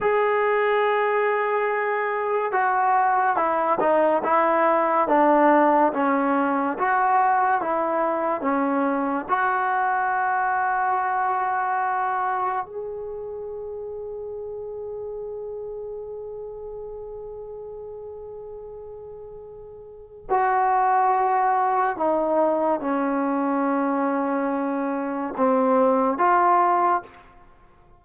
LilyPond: \new Staff \with { instrumentName = "trombone" } { \time 4/4 \tempo 4 = 71 gis'2. fis'4 | e'8 dis'8 e'4 d'4 cis'4 | fis'4 e'4 cis'4 fis'4~ | fis'2. gis'4~ |
gis'1~ | gis'1 | fis'2 dis'4 cis'4~ | cis'2 c'4 f'4 | }